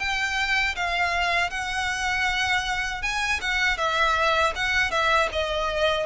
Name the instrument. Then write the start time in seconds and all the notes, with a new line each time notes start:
violin
0.00 G5
0.76 F5
1.51 F#5
3.02 G#5
3.41 F#5
3.78 E5
4.56 F#5
4.91 E5
5.33 D#5